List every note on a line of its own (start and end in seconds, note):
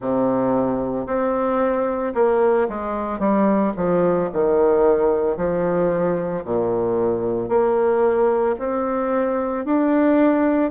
0.00 1.06 C3
1.06 2.13 C4
2.14 2.68 A#3
2.68 3.19 G#3
3.19 3.73 G3
3.76 4.30 F3
4.32 5.36 D#3
5.36 6.43 F3
6.44 7.48 A#2
7.48 8.55 A#3
8.58 9.65 C4
9.65 10.71 D4